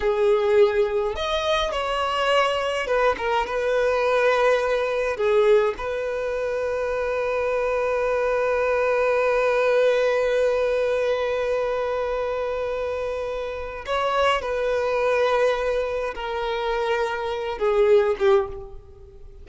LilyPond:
\new Staff \with { instrumentName = "violin" } { \time 4/4 \tempo 4 = 104 gis'2 dis''4 cis''4~ | cis''4 b'8 ais'8 b'2~ | b'4 gis'4 b'2~ | b'1~ |
b'1~ | b'1 | cis''4 b'2. | ais'2~ ais'8 gis'4 g'8 | }